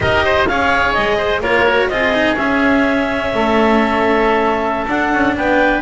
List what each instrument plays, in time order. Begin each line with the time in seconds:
0.00 double bass D#4, cello G4, oboe A#4, clarinet D#5
0.24 oboe C5
0.47 double bass C#4, cello G#4, oboe C#5, clarinet F5
0.93 double bass G#3, clarinet D#5
1.17 oboe C5
1.41 double bass A#3, cello F4, oboe A#4, clarinet C#5
1.68 cello F#4
1.88 double bass C4, cello F4, oboe G#4, clarinet D#5
2.14 cello D#4
2.36 cello C#4, double bass C#4, clarinet E5
3.34 double bass A3, oboe A4
4.86 cello D4, double bass D4, clarinet F#5
5.12 double bass C#4
5.36 double bass B3, oboe B4, clarinet G5